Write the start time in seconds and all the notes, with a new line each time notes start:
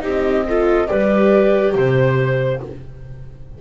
0.00 C4 D#4 G4 D#5
0.47 F4 A4
0.87 G3 G4 B4 D5
1.74 C3 C5